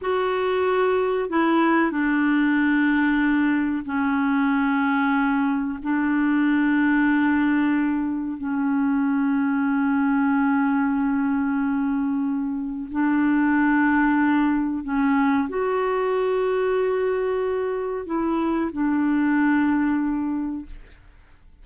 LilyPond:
\new Staff \with { instrumentName = "clarinet" } { \time 4/4 \tempo 4 = 93 fis'2 e'4 d'4~ | d'2 cis'2~ | cis'4 d'2.~ | d'4 cis'2.~ |
cis'1 | d'2. cis'4 | fis'1 | e'4 d'2. | }